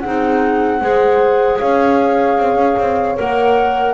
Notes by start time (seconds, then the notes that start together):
0.00 C4 D#4 G#4 F#5
0.81 G#3 G#4 C5
1.59 C#4 C#5 F5
2.38 C4
2.55 C#4
2.79 C4
3.16 A#3 A#4 F#5